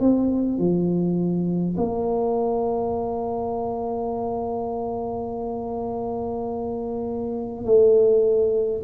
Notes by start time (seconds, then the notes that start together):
0.00 C4
0.58 F3
1.77 A#3
7.65 A3